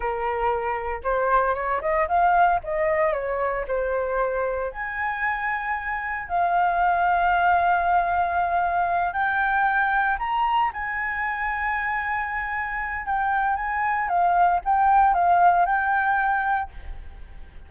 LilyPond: \new Staff \with { instrumentName = "flute" } { \time 4/4 \tempo 4 = 115 ais'2 c''4 cis''8 dis''8 | f''4 dis''4 cis''4 c''4~ | c''4 gis''2. | f''1~ |
f''4. g''2 ais''8~ | ais''8 gis''2.~ gis''8~ | gis''4 g''4 gis''4 f''4 | g''4 f''4 g''2 | }